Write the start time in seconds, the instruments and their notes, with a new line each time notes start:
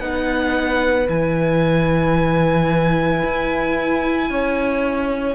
0.00 cello B3, viola D#4, horn B4, violin F#5
1.07 cello E3, viola E4, violin G#5
3.24 cello E4
4.30 cello C#4, horn C#5